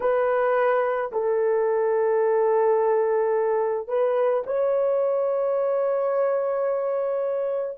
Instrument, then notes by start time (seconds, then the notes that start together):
horn
0.00 B4
1.12 A4
3.87 B4
4.46 C#5